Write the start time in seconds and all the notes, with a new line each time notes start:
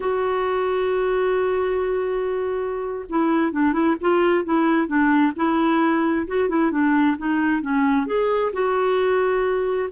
0.00 F#4
3.09 E4
3.51 D4
3.73 E4
4.01 F4
4.44 E4
4.87 D4
5.36 E4
6.27 F#4
6.48 E4
6.71 D4
7.17 D#4
7.61 C#4
8.06 G#4
8.52 F#4